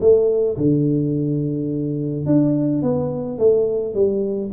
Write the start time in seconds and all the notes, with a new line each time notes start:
0.00 A3
0.57 D3
2.26 D4
2.83 B3
3.38 A3
3.94 G3